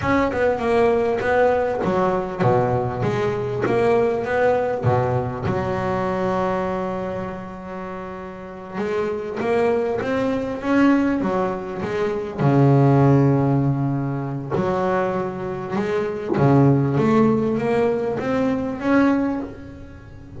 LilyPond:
\new Staff \with { instrumentName = "double bass" } { \time 4/4 \tempo 4 = 99 cis'8 b8 ais4 b4 fis4 | b,4 gis4 ais4 b4 | b,4 fis2.~ | fis2~ fis8 gis4 ais8~ |
ais8 c'4 cis'4 fis4 gis8~ | gis8 cis2.~ cis8 | fis2 gis4 cis4 | a4 ais4 c'4 cis'4 | }